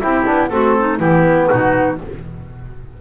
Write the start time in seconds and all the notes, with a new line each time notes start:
0.00 C4 E4 G4
0.26 B3 D4
0.49 A3 C4 F#4 A4
0.80 D#4
0.99 E3 B3 E4 G4
1.49 B2 D#4 F#4